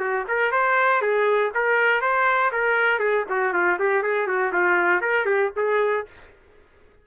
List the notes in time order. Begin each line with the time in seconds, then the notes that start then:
0.00 F#4
0.28 A#4
0.52 C5
1.02 G#4
1.55 A#4
2.01 C5
2.52 A#4
3.00 G#4
3.30 F#4
3.53 F4
3.80 G4
4.03 G#4
4.27 F#4
4.53 F4
5.02 A#4
5.26 G4
5.57 G#4